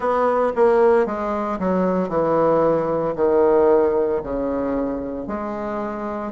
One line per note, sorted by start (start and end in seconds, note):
0.00 0.53 B3
0.55 1.06 A#3
1.06 1.58 G#3
1.59 2.09 F#3
2.09 3.14 E3
3.15 4.21 D#3
4.23 5.27 C#3
5.27 6.32 G#3